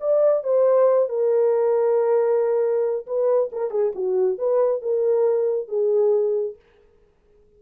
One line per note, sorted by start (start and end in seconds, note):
0.00 0.43 D5
0.43 1.09 C5
1.09 3.06 A#4
3.06 3.50 B4
3.52 3.70 A#4
3.70 3.92 G#4
3.95 4.38 F#4
4.38 4.82 B4
4.82 5.68 A#4
5.68 6.56 G#4